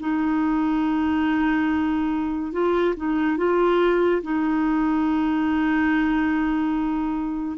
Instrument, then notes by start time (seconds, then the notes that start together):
clarinet
0.00 D#4
2.52 F4
2.97 D#4
3.38 F4
4.23 D#4